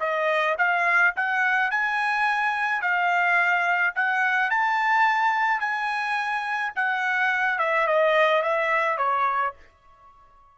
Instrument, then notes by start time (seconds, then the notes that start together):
trumpet
0.00 D#5
0.58 F5
1.16 F#5
1.71 G#5
2.82 F5
3.96 F#5
4.50 A5
5.60 G#5
6.76 F#5
7.59 E5
7.87 D#5
8.43 E5
8.98 C#5